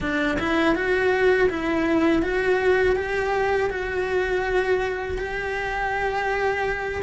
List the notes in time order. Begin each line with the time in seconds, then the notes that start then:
0.00 D4
0.39 E4
0.75 F#4
1.49 E4
2.22 F#4
2.96 G4
3.70 F#4
5.18 G4